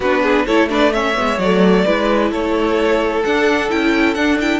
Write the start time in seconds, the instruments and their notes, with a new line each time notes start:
0.00 cello B3, viola D4, violin F#4 B4
0.22 violin G#4
0.45 cello A3, viola E4, violin A4 C#5
0.68 viola D4, violin B4 D5
0.92 viola C#4, violin C#5 E5
1.14 cello G#3, viola B3
1.38 cello F#3, viola A3, violin D5
1.85 cello G#3, viola E4, violin B4
2.31 cello A3, violin A4 C#5
3.24 cello D4, viola D4, violin F#5
3.69 cello C#4, viola E4, violin G5
4.14 viola D4, cello D4, violin F#5
4.40 viola E4, violin G5